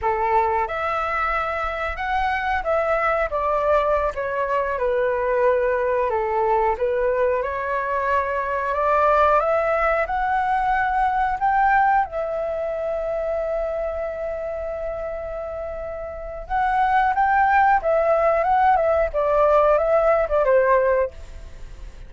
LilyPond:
\new Staff \with { instrumentName = "flute" } { \time 4/4 \tempo 4 = 91 a'4 e''2 fis''4 | e''4 d''4~ d''16 cis''4 b'8.~ | b'4~ b'16 a'4 b'4 cis''8.~ | cis''4~ cis''16 d''4 e''4 fis''8.~ |
fis''4~ fis''16 g''4 e''4.~ e''16~ | e''1~ | e''4 fis''4 g''4 e''4 | fis''8 e''8 d''4 e''8. d''16 c''4 | }